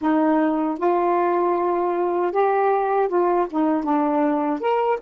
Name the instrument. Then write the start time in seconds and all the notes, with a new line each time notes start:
saxophone
0.01 D#4
0.78 F4
2.31 G4
3.08 F4
3.50 D#4
3.83 D4
4.60 A#4